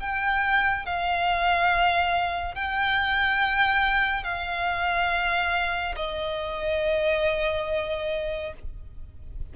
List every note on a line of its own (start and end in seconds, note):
0.00 0.86 G5
0.86 2.55 F5
2.55 4.24 G5
4.24 5.95 F5
5.96 8.53 D#5